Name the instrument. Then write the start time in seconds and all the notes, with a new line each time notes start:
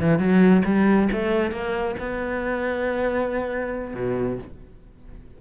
cello
0.00 E3
0.18 F#3
0.65 G3
1.12 A3
1.51 A#3
1.99 B3
3.94 B2